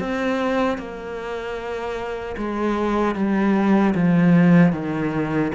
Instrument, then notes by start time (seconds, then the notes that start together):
cello
0.00 C4
0.78 A#3
2.37 G#3
3.15 G3
3.95 F3
4.73 D#3